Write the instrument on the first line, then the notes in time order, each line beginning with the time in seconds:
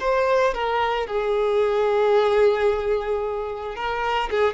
violin
0.00 C5
0.54 A#4
1.07 G#4
3.75 A#4
4.30 G#4